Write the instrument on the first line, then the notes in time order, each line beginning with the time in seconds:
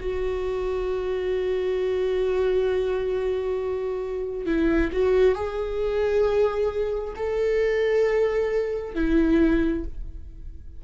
viola
0.00 F#4
4.46 E4
4.93 F#4
5.35 G#4
7.16 A4
8.94 E4